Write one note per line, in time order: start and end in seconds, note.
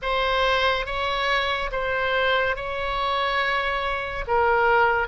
0.02 0.86 C5
0.86 1.70 C#5
1.71 2.55 C5
2.55 4.24 C#5
4.27 5.07 A#4